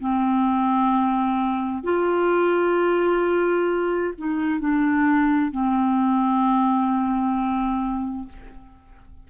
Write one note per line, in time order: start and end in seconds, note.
0.00 1.83 C4
1.83 4.14 F4
4.18 4.60 D#4
4.60 5.52 D4
5.52 8.29 C4